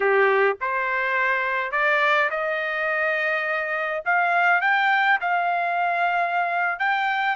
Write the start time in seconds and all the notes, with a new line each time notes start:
0.00 G4
0.61 C5
1.72 D5
2.30 D#5
4.05 F5
4.61 G5
5.21 F5
6.79 G5